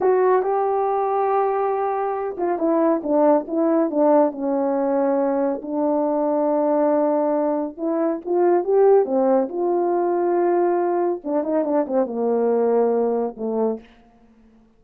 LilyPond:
\new Staff \with { instrumentName = "horn" } { \time 4/4 \tempo 4 = 139 fis'4 g'2.~ | g'4. f'8 e'4 d'4 | e'4 d'4 cis'2~ | cis'4 d'2.~ |
d'2 e'4 f'4 | g'4 c'4 f'2~ | f'2 d'8 dis'8 d'8 c'8 | ais2. a4 | }